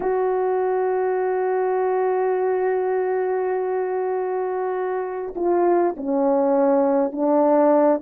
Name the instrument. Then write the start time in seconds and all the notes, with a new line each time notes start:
horn
0.00 F#4
5.35 F4
5.96 C#4
7.12 D4